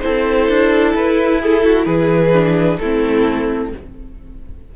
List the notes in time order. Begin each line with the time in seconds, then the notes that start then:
0.00 C4 E4 A4 C5
0.49 D4
0.95 E4 B4
1.40 G#4 A4
1.64 F#4
1.85 E3 G#4 B4
2.33 D4
2.78 A3 C4 E4 A4